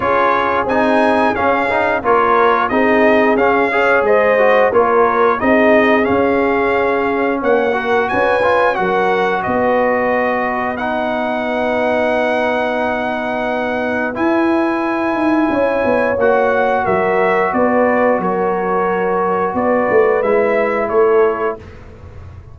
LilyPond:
<<
  \new Staff \with { instrumentName = "trumpet" } { \time 4/4 \tempo 4 = 89 cis''4 gis''4 f''4 cis''4 | dis''4 f''4 dis''4 cis''4 | dis''4 f''2 fis''4 | gis''4 fis''4 dis''2 |
fis''1~ | fis''4 gis''2. | fis''4 e''4 d''4 cis''4~ | cis''4 d''4 e''4 cis''4 | }
  \new Staff \with { instrumentName = "horn" } { \time 4/4 gis'2. ais'4 | gis'4. cis''8 c''4 ais'4 | gis'2. cis''8 ais'8 | b'4 ais'4 b'2~ |
b'1~ | b'2. cis''4~ | cis''4 ais'4 b'4 ais'4~ | ais'4 b'2 a'4 | }
  \new Staff \with { instrumentName = "trombone" } { \time 4/4 f'4 dis'4 cis'8 dis'8 f'4 | dis'4 cis'8 gis'4 fis'8 f'4 | dis'4 cis'2~ cis'8 fis'8~ | fis'8 f'8 fis'2. |
dis'1~ | dis'4 e'2. | fis'1~ | fis'2 e'2 | }
  \new Staff \with { instrumentName = "tuba" } { \time 4/4 cis'4 c'4 cis'4 ais4 | c'4 cis'4 gis4 ais4 | c'4 cis'2 ais4 | cis'4 fis4 b2~ |
b1~ | b4 e'4. dis'8 cis'8 b8 | ais4 fis4 b4 fis4~ | fis4 b8 a8 gis4 a4 | }
>>